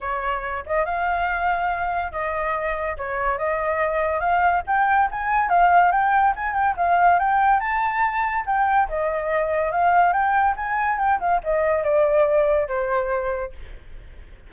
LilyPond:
\new Staff \with { instrumentName = "flute" } { \time 4/4 \tempo 4 = 142 cis''4. dis''8 f''2~ | f''4 dis''2 cis''4 | dis''2 f''4 g''4 | gis''4 f''4 g''4 gis''8 g''8 |
f''4 g''4 a''2 | g''4 dis''2 f''4 | g''4 gis''4 g''8 f''8 dis''4 | d''2 c''2 | }